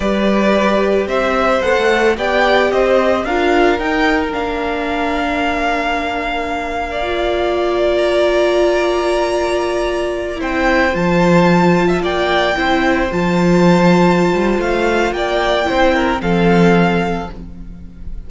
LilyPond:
<<
  \new Staff \with { instrumentName = "violin" } { \time 4/4 \tempo 4 = 111 d''2 e''4 fis''4 | g''4 dis''4 f''4 g''4 | f''1~ | f''2~ f''8. ais''4~ ais''16~ |
ais''2.~ ais''16 g''8.~ | g''16 a''2 g''4.~ g''16~ | g''16 a''2~ a''8. f''4 | g''2 f''2 | }
  \new Staff \with { instrumentName = "violin" } { \time 4/4 b'2 c''2 | d''4 c''4 ais'2~ | ais'1~ | ais'8. d''2.~ d''16~ |
d''2.~ d''16 c''8.~ | c''2 e''16 d''4 c''8.~ | c''1 | d''4 c''8 ais'8 a'2 | }
  \new Staff \with { instrumentName = "viola" } { \time 4/4 g'2. a'4 | g'2 f'4 dis'4 | d'1~ | d'4 f'2.~ |
f'2.~ f'16 e'8.~ | e'16 f'2. e'8.~ | e'16 f'2.~ f'8.~ | f'4 e'4 c'2 | }
  \new Staff \with { instrumentName = "cello" } { \time 4/4 g2 c'4 b16 a8. | b4 c'4 d'4 dis'4 | ais1~ | ais1~ |
ais2.~ ais16 c'8.~ | c'16 f2 ais4 c'8.~ | c'16 f2~ f16 g8 a4 | ais4 c'4 f2 | }
>>